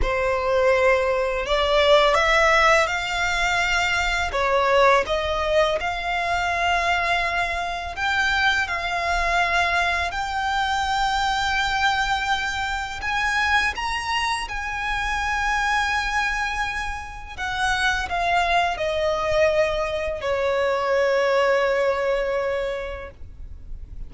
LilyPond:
\new Staff \with { instrumentName = "violin" } { \time 4/4 \tempo 4 = 83 c''2 d''4 e''4 | f''2 cis''4 dis''4 | f''2. g''4 | f''2 g''2~ |
g''2 gis''4 ais''4 | gis''1 | fis''4 f''4 dis''2 | cis''1 | }